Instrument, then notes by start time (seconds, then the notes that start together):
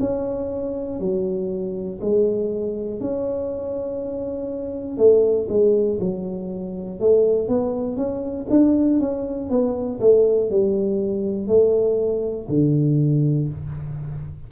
tuba
0.00 C#4
1.00 F#3
2.01 G#3
3.00 C#4
4.97 A3
5.50 G#3
6.00 F#3
7.00 A3
7.49 B3
7.97 C#4
8.50 D4
9.00 C#4
9.50 B3
10.00 A3
10.50 G3
11.47 A3
12.49 D3